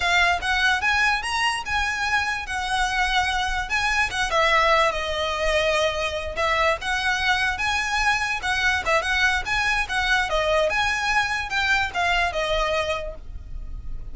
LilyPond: \new Staff \with { instrumentName = "violin" } { \time 4/4 \tempo 4 = 146 f''4 fis''4 gis''4 ais''4 | gis''2 fis''2~ | fis''4 gis''4 fis''8 e''4. | dis''2.~ dis''8 e''8~ |
e''8 fis''2 gis''4.~ | gis''8 fis''4 e''8 fis''4 gis''4 | fis''4 dis''4 gis''2 | g''4 f''4 dis''2 | }